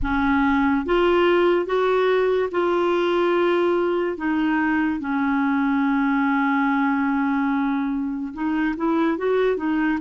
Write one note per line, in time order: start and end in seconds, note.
0.02 0.85 C#4
0.85 1.66 F4
1.66 2.49 F#4
2.51 4.17 F4
4.17 5.00 D#4
5.00 8.33 C#4
8.33 8.75 D#4
8.77 9.17 E4
9.17 9.56 F#4
9.56 9.98 D#4